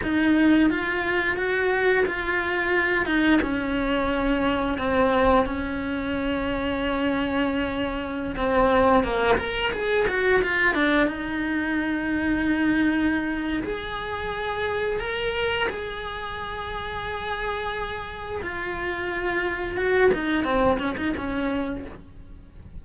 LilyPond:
\new Staff \with { instrumentName = "cello" } { \time 4/4 \tempo 4 = 88 dis'4 f'4 fis'4 f'4~ | f'8 dis'8 cis'2 c'4 | cis'1~ | cis'16 c'4 ais8 ais'8 gis'8 fis'8 f'8 d'16~ |
d'16 dis'2.~ dis'8. | gis'2 ais'4 gis'4~ | gis'2. f'4~ | f'4 fis'8 dis'8 c'8 cis'16 dis'16 cis'4 | }